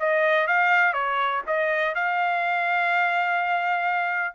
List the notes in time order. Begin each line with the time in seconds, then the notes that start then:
0.00 D#5
0.48 F5
0.94 C#5
1.47 D#5
1.95 F5